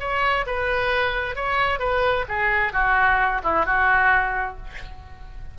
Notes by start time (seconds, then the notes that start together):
0.00 C#5
0.46 B4
1.36 C#5
1.79 B4
2.29 G#4
2.73 F#4
3.44 E4
3.66 F#4